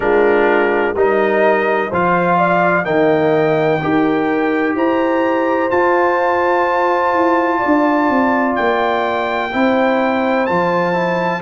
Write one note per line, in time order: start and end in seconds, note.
0.00 0.94 G#3
0.00 0.95 D4
0.00 0.94 F4
0.00 0.95 A#4
0.94 1.89 G3
0.94 1.91 D#4
0.94 1.89 A#4
0.94 1.93 D#5
1.89 2.85 F3
1.89 2.84 F4
1.89 2.37 C5
1.89 2.85 F5
2.37 2.85 D5
2.84 3.80 D#3
2.84 3.79 A#3
2.84 3.80 D#5
2.84 4.75 G5
3.81 4.74 D#4
3.81 5.70 G4
3.81 4.76 A#4
4.74 5.69 E4
4.74 7.58 C5
4.74 5.70 A#5
5.70 9.51 F4
5.70 7.13 F4
5.70 8.55 A5
7.13 7.61 E4
7.58 9.49 D5
7.65 8.09 D4
8.09 8.57 C4
8.55 9.54 A#3
8.55 10.46 G5
9.52 10.49 C4
9.52 10.48 E4
9.52 11.41 C5
10.46 11.41 F3
10.46 10.93 F4
10.46 11.41 A5
10.93 11.40 E4